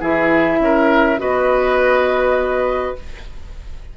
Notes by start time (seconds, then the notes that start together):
0.00 E3 E4 G#4 E5
0.59 C#4 A#4
1.18 B3 F#4 B4 D#5